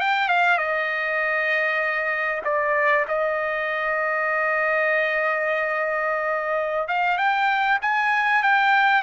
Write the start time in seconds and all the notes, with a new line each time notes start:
0.00 G5
0.28 F5
0.58 D#5
2.44 D5
3.08 D#5
6.88 F5
7.18 G5
7.82 G#5
8.43 G5